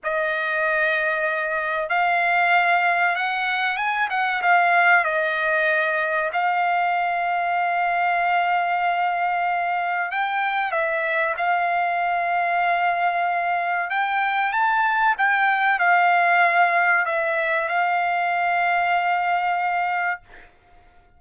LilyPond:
\new Staff \with { instrumentName = "trumpet" } { \time 4/4 \tempo 4 = 95 dis''2. f''4~ | f''4 fis''4 gis''8 fis''8 f''4 | dis''2 f''2~ | f''1 |
g''4 e''4 f''2~ | f''2 g''4 a''4 | g''4 f''2 e''4 | f''1 | }